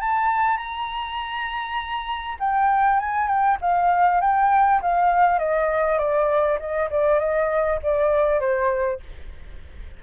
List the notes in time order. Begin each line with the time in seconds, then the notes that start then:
0.00 A5
0.57 A#5
2.39 G5
2.99 G#5
3.27 G5
3.61 F5
4.21 G5
4.81 F5
5.38 D#5
5.98 D5
6.59 D#5
6.90 D5
7.19 D#5
7.82 D5
8.40 C5